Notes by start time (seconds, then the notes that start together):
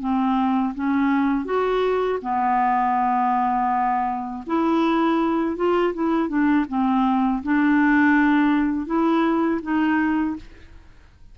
0.00 C4
0.75 C#4
1.45 F#4
2.22 B3
4.47 E4
5.57 F4
5.94 E4
6.29 D4
6.69 C4
7.43 D4
8.87 E4
9.63 D#4